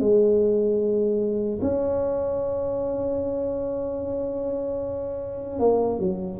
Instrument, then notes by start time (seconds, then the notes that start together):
tuba
0.00 G#3
1.62 C#4
5.60 A#3
5.99 F#3